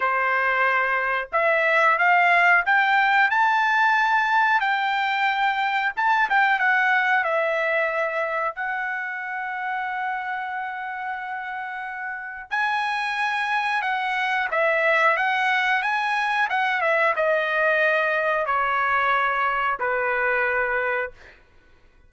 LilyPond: \new Staff \with { instrumentName = "trumpet" } { \time 4/4 \tempo 4 = 91 c''2 e''4 f''4 | g''4 a''2 g''4~ | g''4 a''8 g''8 fis''4 e''4~ | e''4 fis''2.~ |
fis''2. gis''4~ | gis''4 fis''4 e''4 fis''4 | gis''4 fis''8 e''8 dis''2 | cis''2 b'2 | }